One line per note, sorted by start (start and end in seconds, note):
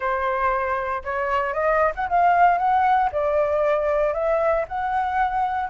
0.00 1.03 C5
1.03 1.53 C#5
1.53 1.92 D#5
1.95 2.08 F#5
2.09 2.57 F5
2.57 3.09 F#5
3.12 4.13 D5
4.13 4.65 E5
4.67 5.69 F#5